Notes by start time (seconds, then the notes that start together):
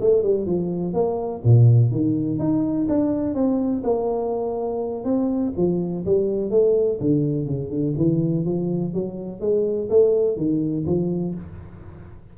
0.00 A3
0.23 G3
0.46 F3
0.93 A#3
1.44 A#2
1.91 D#3
2.39 D#4
2.89 D4
3.34 C4
3.84 A#3
5.05 C4
5.56 F3
6.05 G3
6.50 A3
7.00 D3
7.46 C#3
7.70 D3
7.97 E3
8.45 F3
8.93 F#3
9.40 G#3
9.90 A3
10.37 D#3
10.86 F3